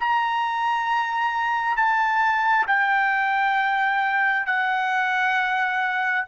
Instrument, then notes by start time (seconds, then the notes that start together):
trumpet
0.00 A#5
1.76 A5
2.67 G5
4.46 F#5